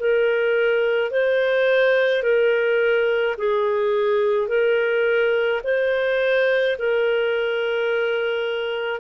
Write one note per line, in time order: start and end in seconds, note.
0.00 1.11 A#4
1.11 2.23 C5
2.23 3.36 A#4
3.38 4.48 G#4
4.48 5.61 A#4
5.64 6.77 C5
6.79 9.01 A#4